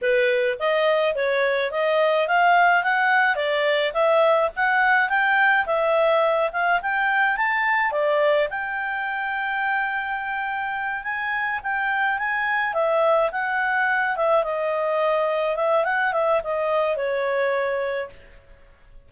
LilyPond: \new Staff \with { instrumentName = "clarinet" } { \time 4/4 \tempo 4 = 106 b'4 dis''4 cis''4 dis''4 | f''4 fis''4 d''4 e''4 | fis''4 g''4 e''4. f''8 | g''4 a''4 d''4 g''4~ |
g''2.~ g''8 gis''8~ | gis''8 g''4 gis''4 e''4 fis''8~ | fis''4 e''8 dis''2 e''8 | fis''8 e''8 dis''4 cis''2 | }